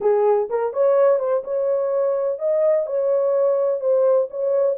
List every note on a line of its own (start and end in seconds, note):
0.01 0.48 G#4
0.49 0.73 A#4
0.73 1.19 C#5
1.19 1.43 C5
1.44 2.39 C#5
2.39 2.86 D#5
2.86 3.80 C#5
3.80 4.28 C5
4.30 4.77 C#5